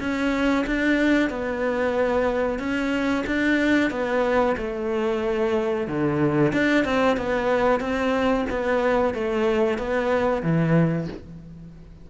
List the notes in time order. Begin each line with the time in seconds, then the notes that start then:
0.00 C#4
0.67 D4
1.30 B3
2.59 C#4
3.27 D4
3.90 B3
4.57 A3
5.88 D3
6.53 D4
6.84 C4
7.17 B3
7.80 C4
8.50 B3
9.15 A3
9.78 B3
10.43 E3